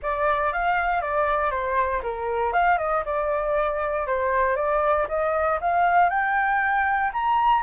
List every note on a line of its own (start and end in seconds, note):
0.02 0.52 D5
0.52 1.01 F5
1.01 1.50 D5
1.50 2.01 C5
2.02 2.52 A#4
2.52 2.78 F5
2.78 3.03 D#5
3.05 4.07 D5
4.07 4.56 C5
4.56 5.07 D5
5.08 5.59 D#5
5.60 6.09 F5
6.09 7.11 G5
7.13 7.62 A#5